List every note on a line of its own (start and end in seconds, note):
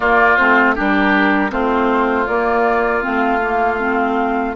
0.00 0.36 A#3
0.00 0.75 F4
0.00 0.36 D5
0.36 0.77 A3
0.36 0.75 C4
0.36 0.74 C5
0.75 1.51 G3
0.75 1.50 D4
0.75 1.51 G4
0.75 1.51 A#4
1.50 2.27 A3
1.50 2.25 C4
1.50 4.55 F4
1.50 2.27 C5
2.27 3.03 A#3
2.27 3.01 A#3
2.27 3.03 D5
3.01 4.55 A3
3.01 3.39 C4
3.01 4.55 F5
3.41 3.79 A#3
3.79 4.55 C4